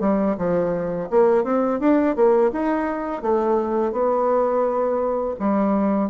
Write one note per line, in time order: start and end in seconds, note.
0.00 0.36 G3
0.37 1.09 F3
1.10 1.44 A#3
1.44 1.79 C4
1.80 2.15 D4
2.15 2.51 A#3
2.52 3.22 D#4
3.22 3.92 A3
3.92 5.34 B3
5.39 6.10 G3